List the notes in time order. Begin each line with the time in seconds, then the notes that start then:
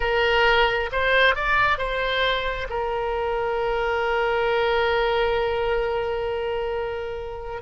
0.00 A#4
0.92 C5
1.35 D5
1.77 C5
2.69 A#4